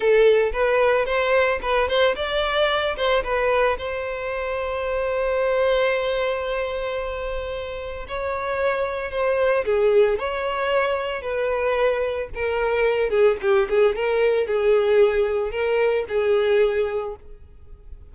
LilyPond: \new Staff \with { instrumentName = "violin" } { \time 4/4 \tempo 4 = 112 a'4 b'4 c''4 b'8 c''8 | d''4. c''8 b'4 c''4~ | c''1~ | c''2. cis''4~ |
cis''4 c''4 gis'4 cis''4~ | cis''4 b'2 ais'4~ | ais'8 gis'8 g'8 gis'8 ais'4 gis'4~ | gis'4 ais'4 gis'2 | }